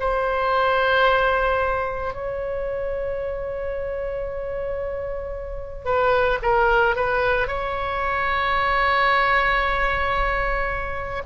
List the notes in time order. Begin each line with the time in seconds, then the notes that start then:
0.00 C5
2.14 C#5
5.86 B4
6.43 A#4
6.96 B4
7.48 C#5